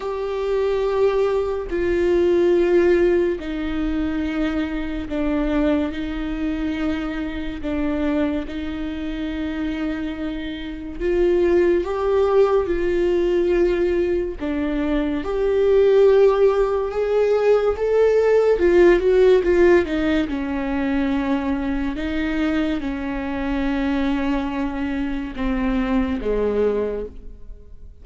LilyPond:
\new Staff \with { instrumentName = "viola" } { \time 4/4 \tempo 4 = 71 g'2 f'2 | dis'2 d'4 dis'4~ | dis'4 d'4 dis'2~ | dis'4 f'4 g'4 f'4~ |
f'4 d'4 g'2 | gis'4 a'4 f'8 fis'8 f'8 dis'8 | cis'2 dis'4 cis'4~ | cis'2 c'4 gis4 | }